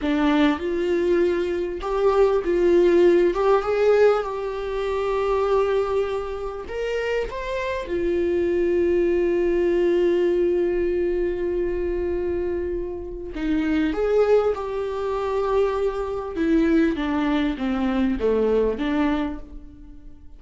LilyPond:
\new Staff \with { instrumentName = "viola" } { \time 4/4 \tempo 4 = 99 d'4 f'2 g'4 | f'4. g'8 gis'4 g'4~ | g'2. ais'4 | c''4 f'2.~ |
f'1~ | f'2 dis'4 gis'4 | g'2. e'4 | d'4 c'4 a4 d'4 | }